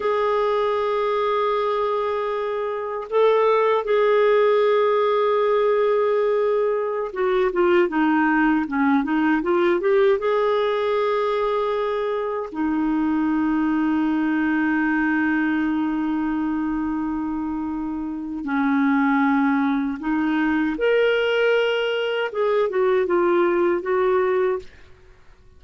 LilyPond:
\new Staff \with { instrumentName = "clarinet" } { \time 4/4 \tempo 4 = 78 gis'1 | a'4 gis'2.~ | gis'4~ gis'16 fis'8 f'8 dis'4 cis'8 dis'16~ | dis'16 f'8 g'8 gis'2~ gis'8.~ |
gis'16 dis'2.~ dis'8.~ | dis'1 | cis'2 dis'4 ais'4~ | ais'4 gis'8 fis'8 f'4 fis'4 | }